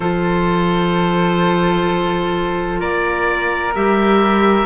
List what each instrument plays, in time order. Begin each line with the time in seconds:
0.00 cello F3, clarinet F4, flute A4, oboe C5
2.79 cello A#3, flute A#4, oboe D5
3.74 cello G3, clarinet G4, oboe E5